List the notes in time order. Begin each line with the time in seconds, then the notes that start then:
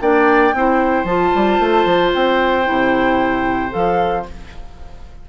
0.00 A#3 D4 D5 G5
0.53 C4 E4 C5
1.04 F3 F4 A5
1.34 G3
1.59 A3
1.85 F3
2.14 C4 G5
2.64 C3 E4
3.70 F3 A4 F5